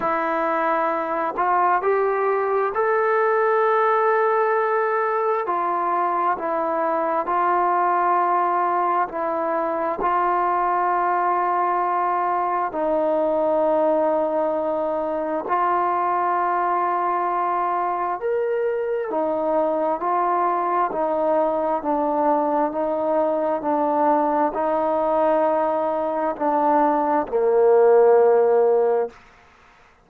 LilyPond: \new Staff \with { instrumentName = "trombone" } { \time 4/4 \tempo 4 = 66 e'4. f'8 g'4 a'4~ | a'2 f'4 e'4 | f'2 e'4 f'4~ | f'2 dis'2~ |
dis'4 f'2. | ais'4 dis'4 f'4 dis'4 | d'4 dis'4 d'4 dis'4~ | dis'4 d'4 ais2 | }